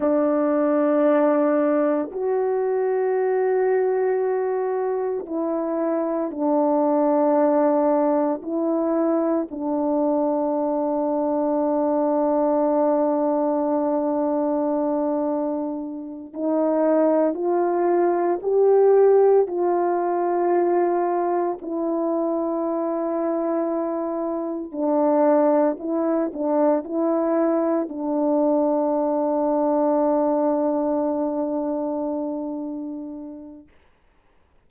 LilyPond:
\new Staff \with { instrumentName = "horn" } { \time 4/4 \tempo 4 = 57 d'2 fis'2~ | fis'4 e'4 d'2 | e'4 d'2.~ | d'2.~ d'8 dis'8~ |
dis'8 f'4 g'4 f'4.~ | f'8 e'2. d'8~ | d'8 e'8 d'8 e'4 d'4.~ | d'1 | }